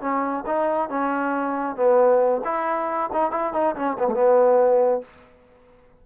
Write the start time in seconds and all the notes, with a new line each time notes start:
0.00 C#4
0.46 D#4
0.89 C#4
1.76 B3
2.44 E4
3.12 D#4
3.31 E4
3.53 D#4
3.75 C#4
3.98 B3
4.07 A3
4.14 B3